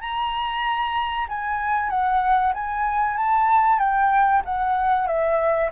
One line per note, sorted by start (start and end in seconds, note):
0.00 1.26 A#5
1.28 1.89 G#5
1.89 2.53 F#5
2.53 3.17 G#5
3.17 3.78 A5
3.78 4.42 G5
4.45 5.06 F#5
5.06 5.70 E5